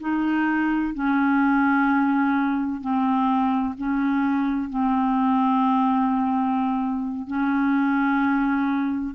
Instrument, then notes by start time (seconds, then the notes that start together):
clarinet
0.00 D#4
0.94 C#4
2.80 C4
3.77 C#4
4.70 C4
7.27 C#4